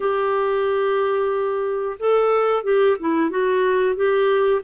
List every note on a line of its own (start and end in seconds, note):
0.00 1.98 G4
1.99 2.63 A4
2.63 2.96 G4
2.99 3.30 E4
3.30 3.95 F#4
3.95 4.61 G4